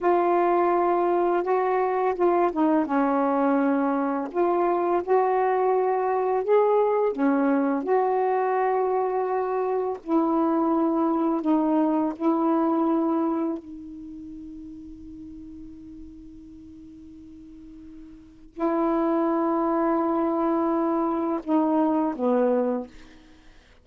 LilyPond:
\new Staff \with { instrumentName = "saxophone" } { \time 4/4 \tempo 4 = 84 f'2 fis'4 f'8 dis'8 | cis'2 f'4 fis'4~ | fis'4 gis'4 cis'4 fis'4~ | fis'2 e'2 |
dis'4 e'2 dis'4~ | dis'1~ | dis'2 e'2~ | e'2 dis'4 b4 | }